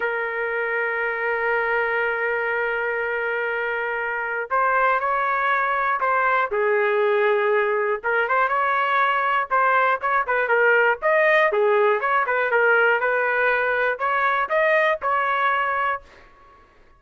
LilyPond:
\new Staff \with { instrumentName = "trumpet" } { \time 4/4 \tempo 4 = 120 ais'1~ | ais'1~ | ais'4 c''4 cis''2 | c''4 gis'2. |
ais'8 c''8 cis''2 c''4 | cis''8 b'8 ais'4 dis''4 gis'4 | cis''8 b'8 ais'4 b'2 | cis''4 dis''4 cis''2 | }